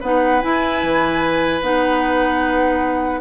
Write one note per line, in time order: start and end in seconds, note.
0.00 0.42 B3
0.00 0.42 D#4
0.00 3.20 B4
0.00 0.42 F#5
0.42 1.62 E4
0.42 0.83 E4
0.42 1.62 G#5
0.83 1.62 E3
1.62 3.21 B3
1.62 3.21 D#4
1.62 3.21 F#5